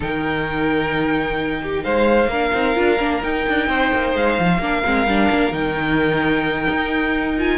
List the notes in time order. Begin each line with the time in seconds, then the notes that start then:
0.00 D#3 D#4 A#4 G5
1.63 G4
1.83 G#3 C5 F5
2.27 A#3 D4 A#4
2.53 C4 D#4
2.75 D4 F4
3.00 A#3 D4
3.22 D#4 G5
3.48 D4
3.68 C4 C5
3.92 A#3
4.15 G#3 F5
4.39 F3
4.58 A#3 D4 A#4
4.84 G#3 C4
5.07 G3 D4
5.31 A#3
5.51 D#3 D#4 G5
6.69 D#4
7.37 F4 G#5